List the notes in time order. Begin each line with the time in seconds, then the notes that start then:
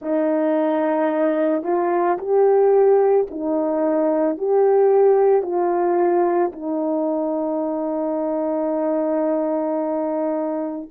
0.01 D#4
1.63 F4
2.18 G4
3.30 D#4
4.37 G4
5.42 F4
6.52 D#4